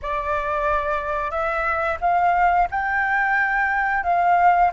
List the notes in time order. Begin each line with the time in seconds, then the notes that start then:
0.02 D5
1.30 E5
2.00 F5
2.71 G5
4.03 F5